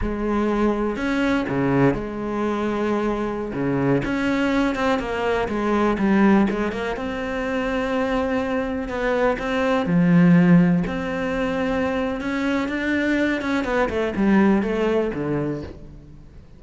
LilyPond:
\new Staff \with { instrumentName = "cello" } { \time 4/4 \tempo 4 = 123 gis2 cis'4 cis4 | gis2.~ gis16 cis8.~ | cis16 cis'4. c'8 ais4 gis8.~ | gis16 g4 gis8 ais8 c'4.~ c'16~ |
c'2~ c'16 b4 c'8.~ | c'16 f2 c'4.~ c'16~ | c'4 cis'4 d'4. cis'8 | b8 a8 g4 a4 d4 | }